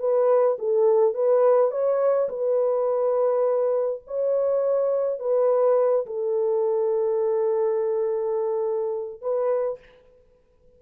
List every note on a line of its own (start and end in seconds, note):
0.00 0.58 B4
0.59 1.15 A4
1.15 1.72 B4
1.72 2.29 C#5
2.29 4.03 B4
4.08 5.20 C#5
5.20 6.06 B4
6.07 9.22 A4
9.22 9.79 B4